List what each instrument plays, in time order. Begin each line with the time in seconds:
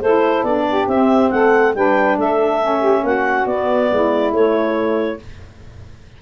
0.00 tuba A3, saxophone E4 A4, clarinet C5
0.43 tuba B3, saxophone D4, clarinet D5
0.68 saxophone G4
0.87 tuba C4, saxophone C4, clarinet E5
1.30 tuba A3, saxophone A4, clarinet F#5
1.74 tuba G3, saxophone D4 B4, clarinet G5
2.17 tuba A3, saxophone A4, clarinet E5
2.60 saxophone C#4
2.79 saxophone G4
3.03 tuba A#3, saxophone F#4, clarinet F#5
3.46 tuba B3, saxophone B3, clarinet D5
3.91 tuba G#3, saxophone E4
4.31 saxophone A3, tuba A3, clarinet C#5